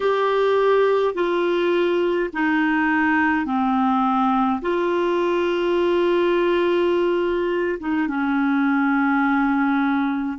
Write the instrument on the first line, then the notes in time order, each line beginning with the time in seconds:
clarinet
0.00 G4
1.14 F4
2.33 D#4
3.45 C4
4.61 F4
7.79 D#4
8.07 C#4